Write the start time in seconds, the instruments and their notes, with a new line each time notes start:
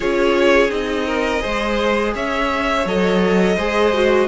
0.00 cello C#4, viola F4, violin G#4 C#5
0.68 cello C4, viola D#4, violin D#5
1.06 violin A#4
1.39 viola G#4, violin C5
1.45 cello G#3
2.14 cello C#4, violin C#5 E5
2.85 cello F#3, viola A4, violin D#5
3.56 cello G#3, viola G#4, violin C5
3.93 viola F#4